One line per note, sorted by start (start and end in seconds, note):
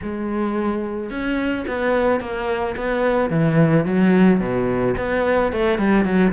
0.02 1.10 G#3
1.10 1.65 C#4
1.67 2.20 B3
2.20 2.75 A#3
2.76 3.30 B3
3.30 3.85 E3
3.85 4.40 F#3
4.40 4.95 B2
4.97 5.52 B3
5.52 5.78 A3
5.78 6.04 G3
6.04 6.32 F#3